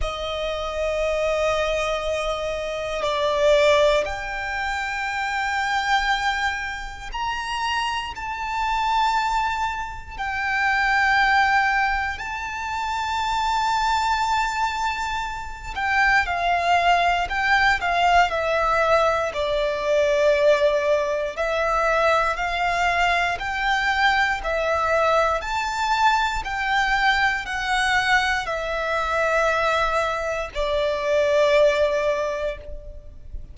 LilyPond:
\new Staff \with { instrumentName = "violin" } { \time 4/4 \tempo 4 = 59 dis''2. d''4 | g''2. ais''4 | a''2 g''2 | a''2.~ a''8 g''8 |
f''4 g''8 f''8 e''4 d''4~ | d''4 e''4 f''4 g''4 | e''4 a''4 g''4 fis''4 | e''2 d''2 | }